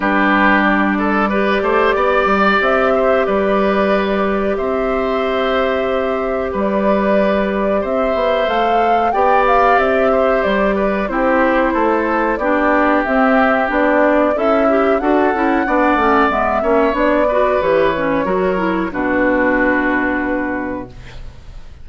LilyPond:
<<
  \new Staff \with { instrumentName = "flute" } { \time 4/4 \tempo 4 = 92 b'4 d''2. | e''4 d''2 e''4~ | e''2 d''2 | e''4 f''4 g''8 f''8 e''4 |
d''4 c''2 d''4 | e''4 d''4 e''4 fis''4~ | fis''4 e''4 d''4 cis''4~ | cis''4 b'2. | }
  \new Staff \with { instrumentName = "oboe" } { \time 4/4 g'4. a'8 b'8 c''8 d''4~ | d''8 c''8 b'2 c''4~ | c''2 b'2 | c''2 d''4. c''8~ |
c''8 b'8 g'4 a'4 g'4~ | g'2 e'4 a'4 | d''4. cis''4 b'4. | ais'4 fis'2. | }
  \new Staff \with { instrumentName = "clarinet" } { \time 4/4 d'2 g'2~ | g'1~ | g'1~ | g'4 a'4 g'2~ |
g'4 e'2 d'4 | c'4 d'4 a'8 g'8 fis'8 e'8 | d'8 cis'8 b8 cis'8 d'8 fis'8 g'8 cis'8 | fis'8 e'8 d'2. | }
  \new Staff \with { instrumentName = "bassoon" } { \time 4/4 g2~ g8 a8 b8 g8 | c'4 g2 c'4~ | c'2 g2 | c'8 b8 a4 b4 c'4 |
g4 c'4 a4 b4 | c'4 b4 cis'4 d'8 cis'8 | b8 a8 gis8 ais8 b4 e4 | fis4 b,2. | }
>>